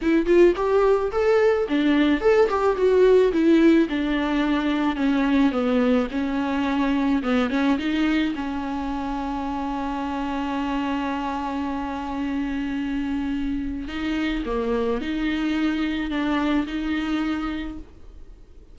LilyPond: \new Staff \with { instrumentName = "viola" } { \time 4/4 \tempo 4 = 108 e'8 f'8 g'4 a'4 d'4 | a'8 g'8 fis'4 e'4 d'4~ | d'4 cis'4 b4 cis'4~ | cis'4 b8 cis'8 dis'4 cis'4~ |
cis'1~ | cis'1~ | cis'4 dis'4 ais4 dis'4~ | dis'4 d'4 dis'2 | }